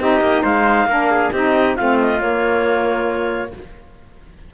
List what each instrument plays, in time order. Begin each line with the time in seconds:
0.00 cello C4, saxophone D#4, trumpet G4, clarinet D#5
0.21 cello A#3
0.43 cello G#3, trumpet C5, clarinet F5
0.86 cello A#3, saxophone D4, trumpet A#4
1.11 trumpet G#4
1.33 cello C4, saxophone D#4, trumpet G4, clarinet D#5
1.76 cello A3, saxophone C4, trumpet F4, clarinet F5
2.00 clarinet D#5
2.20 saxophone A#3, cello A#3, clarinet C#5